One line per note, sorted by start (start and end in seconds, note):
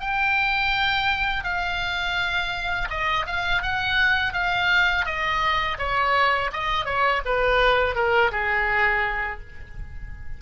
0.00 1.44 G5
1.44 2.88 F5
2.90 3.26 D#5
3.27 3.63 F5
3.63 4.33 F#5
4.33 5.06 F5
5.06 5.78 D#5
5.79 6.51 C#5
6.53 6.85 D#5
6.85 7.22 C#5
7.25 7.95 B4
7.95 8.31 A#4
8.32 9.40 G#4